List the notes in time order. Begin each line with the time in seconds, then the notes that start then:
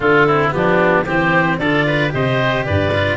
0.00 D3 D4 F4 A4
0.26 C4 E4
0.50 F3 B3 G4
0.56 D4
1.05 E3 C4 G4 C5
1.58 D3 F4 A4 D5
1.86 B4
2.09 C3 G4 C5 D#5
2.64 G2 B4 D5
2.94 F4